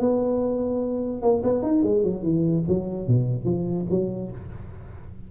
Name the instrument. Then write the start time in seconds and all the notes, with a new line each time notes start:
tuba
0.00 B3
1.23 A#3
1.44 B3
1.63 D#4
1.83 G#3
2.04 F#3
2.23 E3
2.68 F#3
3.08 B2
3.45 F3
3.90 F#3